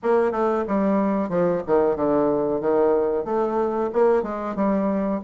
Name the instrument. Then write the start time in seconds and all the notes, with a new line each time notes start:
bassoon
0.02 A#3
0.31 A3
0.67 G3
1.29 F3
1.66 D#3
1.96 D3
2.61 D#3
3.25 A3
3.92 A#3
4.22 G#3
4.55 G3